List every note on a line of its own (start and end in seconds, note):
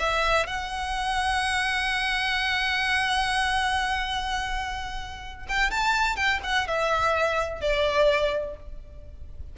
0.00 0.47 E5
0.47 5.47 F#5
5.49 5.71 G5
5.71 6.16 A5
6.16 6.40 G5
6.44 6.68 F#5
6.68 7.61 E5
7.61 8.56 D5